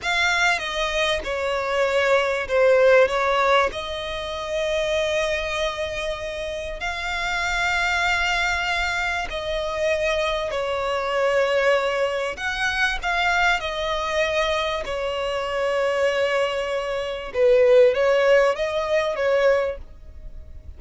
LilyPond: \new Staff \with { instrumentName = "violin" } { \time 4/4 \tempo 4 = 97 f''4 dis''4 cis''2 | c''4 cis''4 dis''2~ | dis''2. f''4~ | f''2. dis''4~ |
dis''4 cis''2. | fis''4 f''4 dis''2 | cis''1 | b'4 cis''4 dis''4 cis''4 | }